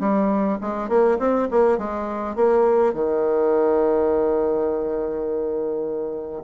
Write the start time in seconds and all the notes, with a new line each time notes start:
0.00 G3
0.61 G#3
0.89 A#3
1.19 C4
1.51 A#3
1.78 G#3
2.36 A#3
2.94 D#3